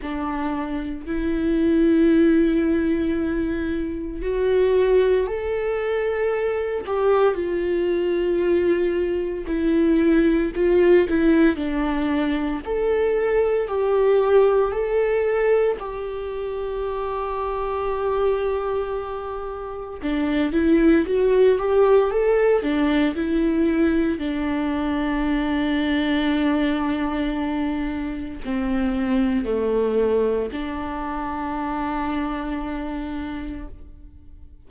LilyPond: \new Staff \with { instrumentName = "viola" } { \time 4/4 \tempo 4 = 57 d'4 e'2. | fis'4 a'4. g'8 f'4~ | f'4 e'4 f'8 e'8 d'4 | a'4 g'4 a'4 g'4~ |
g'2. d'8 e'8 | fis'8 g'8 a'8 d'8 e'4 d'4~ | d'2. c'4 | a4 d'2. | }